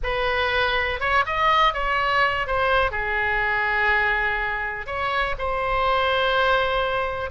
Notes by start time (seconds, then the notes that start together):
0.03 B4
1.00 C#5
1.25 D#5
1.73 C#5
2.46 C5
2.91 G#4
4.86 C#5
5.38 C5